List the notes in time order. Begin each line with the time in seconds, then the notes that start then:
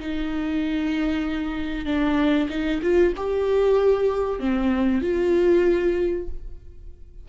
0.00 D#4
1.86 D4
2.50 D#4
2.82 F4
3.17 G4
4.40 C4
5.02 F4